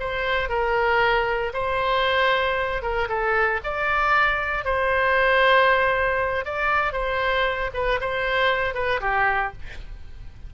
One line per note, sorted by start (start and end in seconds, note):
0.00 0.49 C5
0.49 1.53 A#4
1.54 2.83 C5
2.83 3.09 A#4
3.09 3.61 A4
3.64 4.65 D5
4.65 6.45 C5
6.45 6.93 D5
6.93 7.71 C5
7.74 8.00 B4
8.01 8.75 C5
8.75 9.01 B4
9.01 9.53 G4